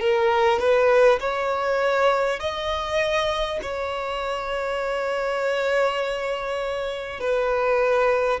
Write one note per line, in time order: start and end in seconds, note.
0.00 0.59 A#4
0.59 1.19 B4
1.19 2.39 C#5
2.39 3.59 D#5
3.62 7.19 C#5
7.19 8.39 B4